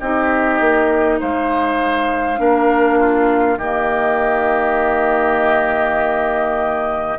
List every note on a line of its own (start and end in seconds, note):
0.00 0.60 C4
0.00 2.37 D#4
0.00 1.20 G4
0.00 1.20 D#5
0.60 1.21 A#3
1.20 2.39 G#3
1.20 2.40 C5
1.20 3.59 F5
2.37 3.58 A#3
2.37 3.57 D4
2.37 2.98 A#4
2.98 3.58 F4
3.58 7.18 D#3
3.58 7.19 A#3
3.58 7.18 G4
3.58 7.19 D#5